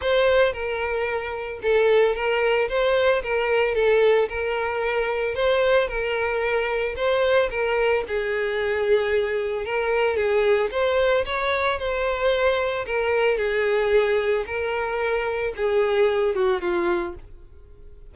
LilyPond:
\new Staff \with { instrumentName = "violin" } { \time 4/4 \tempo 4 = 112 c''4 ais'2 a'4 | ais'4 c''4 ais'4 a'4 | ais'2 c''4 ais'4~ | ais'4 c''4 ais'4 gis'4~ |
gis'2 ais'4 gis'4 | c''4 cis''4 c''2 | ais'4 gis'2 ais'4~ | ais'4 gis'4. fis'8 f'4 | }